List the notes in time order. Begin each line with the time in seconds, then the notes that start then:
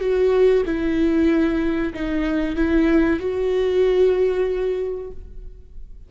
0.00 F#4
0.66 E4
1.94 D#4
2.56 E4
3.19 F#4